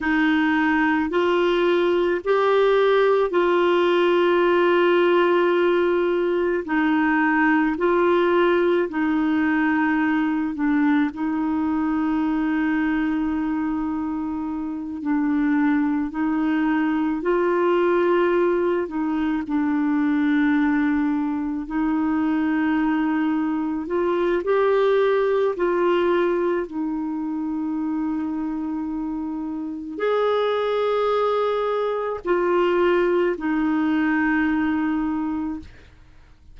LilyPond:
\new Staff \with { instrumentName = "clarinet" } { \time 4/4 \tempo 4 = 54 dis'4 f'4 g'4 f'4~ | f'2 dis'4 f'4 | dis'4. d'8 dis'2~ | dis'4. d'4 dis'4 f'8~ |
f'4 dis'8 d'2 dis'8~ | dis'4. f'8 g'4 f'4 | dis'2. gis'4~ | gis'4 f'4 dis'2 | }